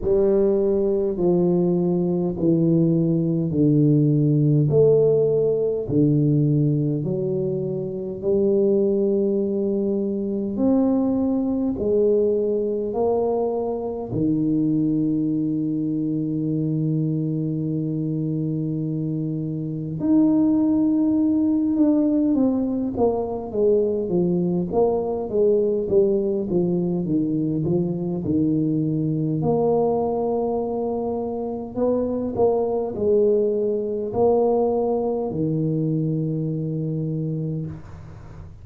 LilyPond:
\new Staff \with { instrumentName = "tuba" } { \time 4/4 \tempo 4 = 51 g4 f4 e4 d4 | a4 d4 fis4 g4~ | g4 c'4 gis4 ais4 | dis1~ |
dis4 dis'4. d'8 c'8 ais8 | gis8 f8 ais8 gis8 g8 f8 dis8 f8 | dis4 ais2 b8 ais8 | gis4 ais4 dis2 | }